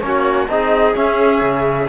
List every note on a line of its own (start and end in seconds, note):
0.00 0.47 A#3
0.00 0.48 C#4
0.00 0.47 C#5
0.07 0.50 F#4
0.48 0.95 C4
0.48 0.94 D#4
0.48 1.88 G#4
0.48 0.94 D#5
0.94 1.87 C#4
0.94 1.41 C#4
0.94 1.88 E5
1.41 1.87 C#3